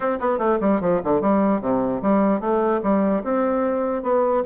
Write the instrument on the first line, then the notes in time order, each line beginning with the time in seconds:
bassoon
0.00 C4
0.19 B3
0.38 A3
0.60 G3
0.80 F3
1.04 D3
1.21 G3
1.61 C3
2.02 G3
2.40 A3
2.82 G3
3.23 C4
4.02 B3